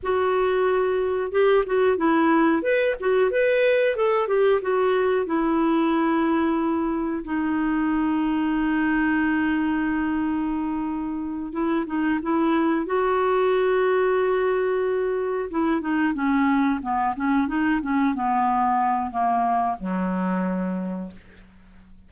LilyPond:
\new Staff \with { instrumentName = "clarinet" } { \time 4/4 \tempo 4 = 91 fis'2 g'8 fis'8 e'4 | b'8 fis'8 b'4 a'8 g'8 fis'4 | e'2. dis'4~ | dis'1~ |
dis'4. e'8 dis'8 e'4 fis'8~ | fis'2.~ fis'8 e'8 | dis'8 cis'4 b8 cis'8 dis'8 cis'8 b8~ | b4 ais4 fis2 | }